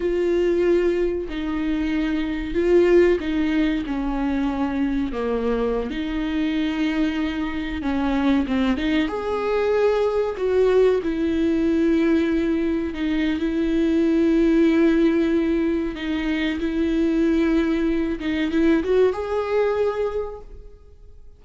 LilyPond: \new Staff \with { instrumentName = "viola" } { \time 4/4 \tempo 4 = 94 f'2 dis'2 | f'4 dis'4 cis'2 | ais4~ ais16 dis'2~ dis'8.~ | dis'16 cis'4 c'8 dis'8 gis'4.~ gis'16~ |
gis'16 fis'4 e'2~ e'8.~ | e'16 dis'8. e'2.~ | e'4 dis'4 e'2~ | e'8 dis'8 e'8 fis'8 gis'2 | }